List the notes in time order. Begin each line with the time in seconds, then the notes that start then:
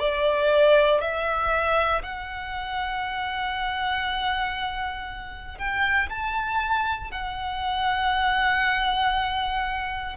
0.00 D5
1.01 E5
2.03 F#5
5.58 G5
6.10 A5
7.12 F#5